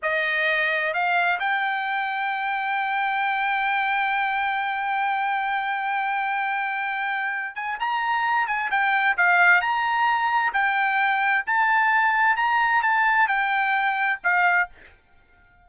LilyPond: \new Staff \with { instrumentName = "trumpet" } { \time 4/4 \tempo 4 = 131 dis''2 f''4 g''4~ | g''1~ | g''1~ | g''1~ |
g''8 gis''8 ais''4. gis''8 g''4 | f''4 ais''2 g''4~ | g''4 a''2 ais''4 | a''4 g''2 f''4 | }